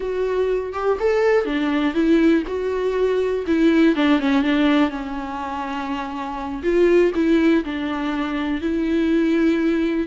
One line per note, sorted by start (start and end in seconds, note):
0.00 0.73 F#4
0.73 0.97 G4
0.99 1.45 A4
1.45 1.94 D4
1.94 2.43 E4
2.47 3.45 F#4
3.46 3.95 E4
3.95 4.19 D4
4.19 4.43 C#4
4.43 4.90 D4
4.90 6.62 C#4
6.62 7.12 F4
7.14 7.64 E4
7.64 8.61 D4
8.61 10.07 E4